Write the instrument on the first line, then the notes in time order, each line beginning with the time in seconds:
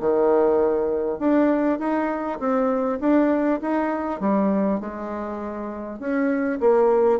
bassoon
0.00 D#3
1.19 D4
1.79 D#4
2.39 C4
3.00 D4
3.61 D#4
4.20 G3
4.80 G#3
5.99 C#4
6.60 A#3